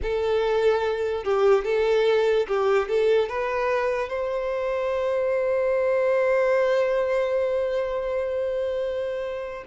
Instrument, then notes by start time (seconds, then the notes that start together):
violin
0.02 A4
1.24 G4
1.64 A4
2.47 G4
2.88 A4
3.29 B4
4.09 C5